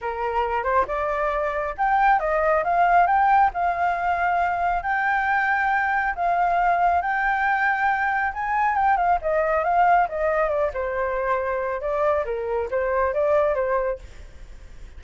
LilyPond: \new Staff \with { instrumentName = "flute" } { \time 4/4 \tempo 4 = 137 ais'4. c''8 d''2 | g''4 dis''4 f''4 g''4 | f''2. g''4~ | g''2 f''2 |
g''2. gis''4 | g''8 f''8 dis''4 f''4 dis''4 | d''8 c''2~ c''8 d''4 | ais'4 c''4 d''4 c''4 | }